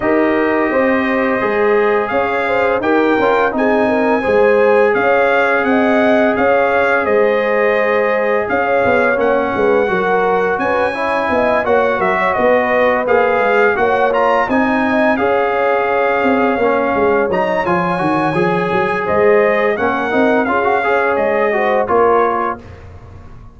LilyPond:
<<
  \new Staff \with { instrumentName = "trumpet" } { \time 4/4 \tempo 4 = 85 dis''2. f''4 | g''4 gis''2 f''4 | fis''4 f''4 dis''2 | f''4 fis''2 gis''4~ |
gis''8 fis''8 e''8 dis''4 f''4 fis''8 | ais''8 gis''4 f''2~ f''8~ | f''8 ais''8 gis''2 dis''4 | fis''4 f''4 dis''4 cis''4 | }
  \new Staff \with { instrumentName = "horn" } { \time 4/4 ais'4 c''2 cis''8 c''8 | ais'4 gis'8 ais'8 c''4 cis''4 | dis''4 cis''4 c''2 | cis''4. b'8 ais'4 b'8 cis''8 |
dis''8 cis''8 ais'16 cis''16 b'2 cis''8~ | cis''8 dis''4 cis''2~ cis''8~ | cis''2. c''4 | ais'4 gis'8 cis''4 c''8 ais'4 | }
  \new Staff \with { instrumentName = "trombone" } { \time 4/4 g'2 gis'2 | g'8 f'8 dis'4 gis'2~ | gis'1~ | gis'4 cis'4 fis'4. e'8~ |
e'8 fis'2 gis'4 fis'8 | f'8 dis'4 gis'2 cis'8~ | cis'8 dis'8 f'8 fis'8 gis'2 | cis'8 dis'8 f'16 fis'16 gis'4 fis'8 f'4 | }
  \new Staff \with { instrumentName = "tuba" } { \time 4/4 dis'4 c'4 gis4 cis'4 | dis'8 cis'8 c'4 gis4 cis'4 | c'4 cis'4 gis2 | cis'8 b8 ais8 gis8 fis4 cis'4 |
b8 ais8 fis8 b4 ais8 gis8 ais8~ | ais8 c'4 cis'4. c'8 ais8 | gis8 fis8 f8 dis8 f8 fis8 gis4 | ais8 c'8 cis'4 gis4 ais4 | }
>>